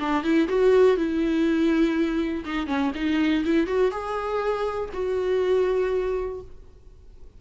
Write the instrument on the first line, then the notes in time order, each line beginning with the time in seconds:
viola
0.00 D4
0.24 E4
0.49 F#4
0.97 E4
2.45 D#4
2.67 C#4
2.95 D#4
3.45 E4
3.67 F#4
3.91 G#4
4.94 F#4